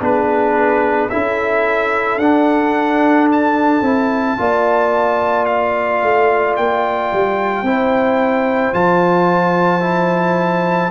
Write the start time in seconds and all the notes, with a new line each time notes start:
0.00 B3 D4 G#4 B4
1.09 C#4 E4 A4 E5
2.17 D4 F#5
3.32 A5
3.81 C4 E4
4.37 A#3 F4 D5
5.45 F5
6.02 A3
6.56 A#3 G5
7.12 G3
7.62 C4 E4 C5
8.73 F3 F4 A5
9.80 E4